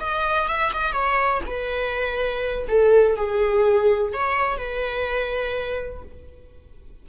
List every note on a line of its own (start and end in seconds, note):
0.00 0.48 D#5
0.48 0.72 E5
0.73 0.92 D#5
0.92 1.41 C#5
1.46 2.67 B4
2.68 3.16 A4
3.16 4.13 G#4
4.13 4.57 C#5
4.57 6.02 B4